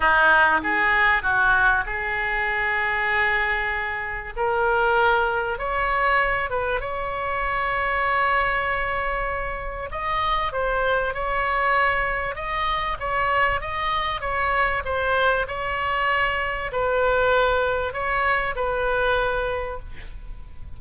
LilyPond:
\new Staff \with { instrumentName = "oboe" } { \time 4/4 \tempo 4 = 97 dis'4 gis'4 fis'4 gis'4~ | gis'2. ais'4~ | ais'4 cis''4. b'8 cis''4~ | cis''1 |
dis''4 c''4 cis''2 | dis''4 cis''4 dis''4 cis''4 | c''4 cis''2 b'4~ | b'4 cis''4 b'2 | }